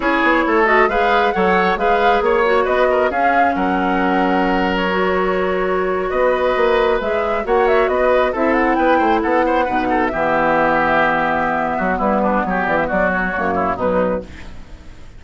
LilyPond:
<<
  \new Staff \with { instrumentName = "flute" } { \time 4/4 \tempo 4 = 135 cis''4. dis''8 f''4 fis''4 | f''4 cis''4 dis''4 f''4 | fis''2~ fis''8. cis''4~ cis''16~ | cis''4.~ cis''16 dis''2 e''16~ |
e''8. fis''8 e''8 dis''4 e''8 fis''8 g''16~ | g''8. fis''2 e''4~ e''16~ | e''2. b'4 | cis''8 d''16 e''16 d''8 cis''4. b'4 | }
  \new Staff \with { instrumentName = "oboe" } { \time 4/4 gis'4 a'4 b'4 cis''4 | b'4 cis''4 b'8 ais'8 gis'4 | ais'1~ | ais'4.~ ais'16 b'2~ b'16~ |
b'8. cis''4 b'4 a'4 b'16~ | b'16 c''8 a'8 c''8 b'8 a'8 g'4~ g'16~ | g'2~ g'8 fis'8 e'8 d'8 | g'4 fis'4. e'8 dis'4 | }
  \new Staff \with { instrumentName = "clarinet" } { \time 4/4 e'4. fis'8 gis'4 a'4 | gis'4. fis'4. cis'4~ | cis'2. fis'4~ | fis'2.~ fis'8. gis'16~ |
gis'8. fis'2 e'4~ e'16~ | e'4.~ e'16 dis'4 b4~ b16~ | b1~ | b2 ais4 fis4 | }
  \new Staff \with { instrumentName = "bassoon" } { \time 4/4 cis'8 b8 a4 gis4 fis4 | gis4 ais4 b4 cis'4 | fis1~ | fis4.~ fis16 b4 ais4 gis16~ |
gis8. ais4 b4 c'4 b16~ | b16 a8 b4 b,4 e4~ e16~ | e2~ e8 fis8 g4 | fis8 e8 fis4 fis,4 b,4 | }
>>